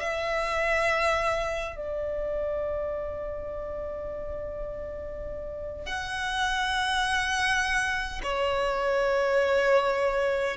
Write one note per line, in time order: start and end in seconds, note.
0.00 1.76 E5
1.76 5.86 D5
5.86 8.21 F#5
8.24 10.57 C#5